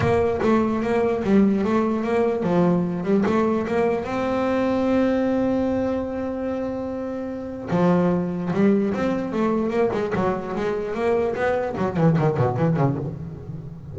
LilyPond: \new Staff \with { instrumentName = "double bass" } { \time 4/4 \tempo 4 = 148 ais4 a4 ais4 g4 | a4 ais4 f4. g8 | a4 ais4 c'2~ | c'1~ |
c'2. f4~ | f4 g4 c'4 a4 | ais8 gis8 fis4 gis4 ais4 | b4 fis8 e8 dis8 b,8 e8 cis8 | }